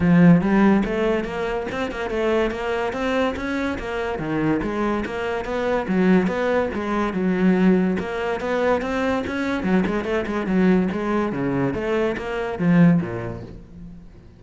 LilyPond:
\new Staff \with { instrumentName = "cello" } { \time 4/4 \tempo 4 = 143 f4 g4 a4 ais4 | c'8 ais8 a4 ais4 c'4 | cis'4 ais4 dis4 gis4 | ais4 b4 fis4 b4 |
gis4 fis2 ais4 | b4 c'4 cis'4 fis8 gis8 | a8 gis8 fis4 gis4 cis4 | a4 ais4 f4 ais,4 | }